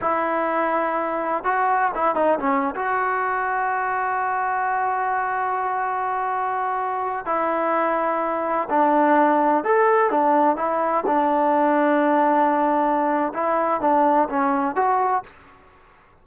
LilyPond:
\new Staff \with { instrumentName = "trombone" } { \time 4/4 \tempo 4 = 126 e'2. fis'4 | e'8 dis'8 cis'8. fis'2~ fis'16~ | fis'1~ | fis'2.~ fis'16 e'8.~ |
e'2~ e'16 d'4.~ d'16~ | d'16 a'4 d'4 e'4 d'8.~ | d'1 | e'4 d'4 cis'4 fis'4 | }